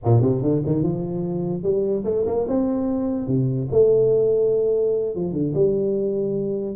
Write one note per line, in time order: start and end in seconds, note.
0.04 0.21 A#2
0.21 0.41 C3
0.41 0.62 D3
0.66 0.82 D#3
0.82 1.63 F3
1.63 2.04 G3
2.04 2.25 A3
2.26 2.46 A#3
2.48 3.27 C4
3.27 3.68 C3
3.71 5.15 A3
5.15 5.33 F3
5.33 5.53 D3
5.54 6.75 G3